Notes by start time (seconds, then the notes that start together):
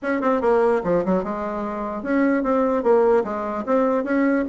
0.02 C#4
0.21 C4
0.41 A#3
0.84 F3
1.05 F#3
1.23 G#3
2.03 C#4
2.43 C4
2.83 A#3
3.23 G#3
3.66 C4
4.04 C#4